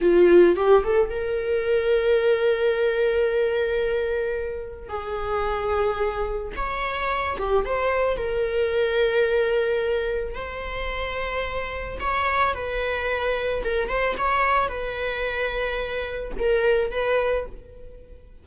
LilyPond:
\new Staff \with { instrumentName = "viola" } { \time 4/4 \tempo 4 = 110 f'4 g'8 a'8 ais'2~ | ais'1~ | ais'4 gis'2. | cis''4. g'8 c''4 ais'4~ |
ais'2. c''4~ | c''2 cis''4 b'4~ | b'4 ais'8 c''8 cis''4 b'4~ | b'2 ais'4 b'4 | }